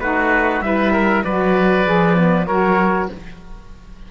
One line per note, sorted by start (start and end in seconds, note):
0.00 0.61 A3
0.00 0.62 D#4
0.00 0.64 F#4
0.00 0.62 B4
0.61 1.23 G3
0.61 1.24 E4
0.61 0.93 B4
0.61 1.24 E5
0.93 1.24 A#4
1.24 1.86 F#3
1.24 1.85 F#4
1.24 2.47 B4
1.24 2.46 D5
1.85 2.47 F3
1.85 2.16 G#4
2.16 2.47 B3
2.46 3.09 F#3
2.46 3.11 F#4
2.46 3.09 A#4
2.46 3.08 C#5